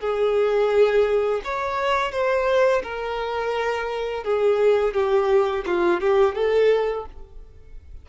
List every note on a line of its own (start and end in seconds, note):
0.00 1.41 G#4
1.44 2.12 C#5
2.12 2.82 C5
2.83 4.24 A#4
4.24 4.94 G#4
4.94 5.64 G4
5.66 6.00 F4
6.00 6.35 G4
6.35 7.06 A4